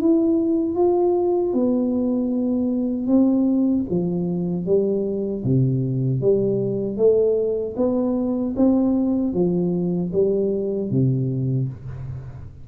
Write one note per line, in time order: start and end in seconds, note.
0.00 0.75 E4
0.75 1.53 F4
1.53 3.07 B3
3.07 3.85 C4
3.90 4.65 F3
4.65 5.43 G3
5.44 6.21 C3
6.21 6.97 G3
6.97 7.75 A3
7.76 8.54 B3
8.56 9.33 C4
9.33 10.11 F3
10.12 10.90 G3
10.90 11.68 C3